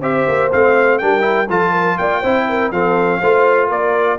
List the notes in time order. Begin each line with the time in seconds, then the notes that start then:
0.00 C4 G4 C5 E5
0.28 A#3
0.52 A3 C4 F5
0.98 G3 D4 A#4 G5
1.21 E4
1.49 F3 F4 A4 A5
1.72 A#4
1.98 A#3 D5 G5
2.20 C4 E4 C5
2.48 A#4
2.71 F3 C4 A4 F5
3.20 A3 F4 C5
3.67 A#3 A#4 D5